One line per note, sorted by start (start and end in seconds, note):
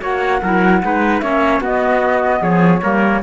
0.00 0.41 A#3
0.00 0.40 F#4
0.00 0.41 C#5
0.00 1.20 F#5
0.42 0.82 F#3
0.42 0.82 E4
0.42 0.82 A#4
0.82 1.22 G#3
0.82 1.22 D#4
0.82 1.22 B4
1.20 1.60 A#3
1.20 1.61 C#4
1.20 1.61 C#5
1.20 1.60 E5
1.60 2.40 B3
1.60 2.81 B3
1.60 2.41 F#4
1.60 2.43 D#5
2.41 2.81 F3
2.41 2.82 G#4
2.41 3.23 C#5
2.82 3.22 G3
2.82 3.22 A#3
2.82 3.23 A#4